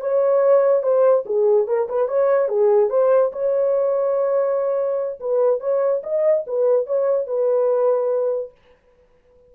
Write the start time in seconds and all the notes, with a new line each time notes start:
0.00 C#5
0.82 C5
1.25 G#4
1.67 A#4
1.89 B4
2.08 C#5
2.48 G#4
2.89 C5
3.32 C#5
5.20 B4
5.60 C#5
6.03 D#5
6.47 B4
6.86 C#5
7.26 B4